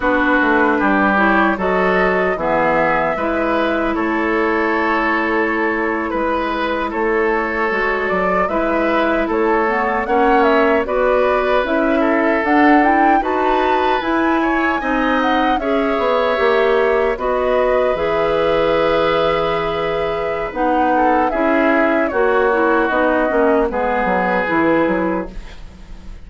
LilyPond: <<
  \new Staff \with { instrumentName = "flute" } { \time 4/4 \tempo 4 = 76 b'4. cis''8 dis''4 e''4~ | e''4 cis''2~ cis''8. b'16~ | b'8. cis''4. d''8 e''4 cis''16~ | cis''8. fis''8 e''8 d''4 e''4 fis''16~ |
fis''16 g''8 a''4 gis''4. fis''8 e''16~ | e''4.~ e''16 dis''4 e''4~ e''16~ | e''2 fis''4 e''4 | cis''4 dis''4 b'2 | }
  \new Staff \with { instrumentName = "oboe" } { \time 4/4 fis'4 g'4 a'4 gis'4 | b'4 a'2~ a'8. b'16~ | b'8. a'2 b'4 a'16~ | a'8. cis''4 b'4. a'8.~ |
a'8. b'4. cis''8 dis''4 cis''16~ | cis''4.~ cis''16 b'2~ b'16~ | b'2~ b'8 a'8 gis'4 | fis'2 gis'2 | }
  \new Staff \with { instrumentName = "clarinet" } { \time 4/4 d'4. e'8 fis'4 b4 | e'1~ | e'4.~ e'16 fis'4 e'4~ e'16~ | e'16 b8 cis'4 fis'4 e'4 d'16~ |
d'16 e'8 fis'4 e'4 dis'4 gis'16~ | gis'8. g'4 fis'4 gis'4~ gis'16~ | gis'2 dis'4 e'4 | fis'8 e'8 dis'8 cis'8 b4 e'4 | }
  \new Staff \with { instrumentName = "bassoon" } { \time 4/4 b8 a8 g4 fis4 e4 | gis4 a2~ a8. gis16~ | gis8. a4 gis8 fis8 gis4 a16~ | a8. ais4 b4 cis'4 d'16~ |
d'8. dis'4 e'4 c'4 cis'16~ | cis'16 b8 ais4 b4 e4~ e16~ | e2 b4 cis'4 | ais4 b8 ais8 gis8 fis8 e8 fis8 | }
>>